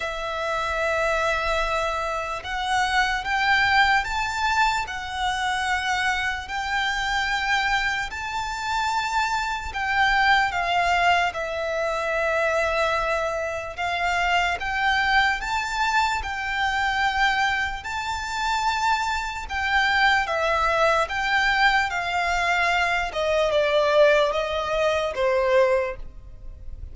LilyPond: \new Staff \with { instrumentName = "violin" } { \time 4/4 \tempo 4 = 74 e''2. fis''4 | g''4 a''4 fis''2 | g''2 a''2 | g''4 f''4 e''2~ |
e''4 f''4 g''4 a''4 | g''2 a''2 | g''4 e''4 g''4 f''4~ | f''8 dis''8 d''4 dis''4 c''4 | }